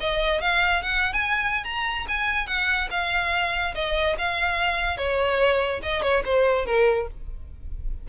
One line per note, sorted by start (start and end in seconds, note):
0.00 0.41 D#5
0.41 0.82 F5
0.82 1.13 F#5
1.13 1.64 G#5
1.64 2.06 A#5
2.08 2.47 G#5
2.47 2.88 F#5
2.90 3.74 F5
3.74 4.16 D#5
4.18 4.97 F5
4.97 5.80 C#5
5.82 6.02 D#5
6.02 6.23 C#5
6.25 6.66 C5
6.66 7.07 A#4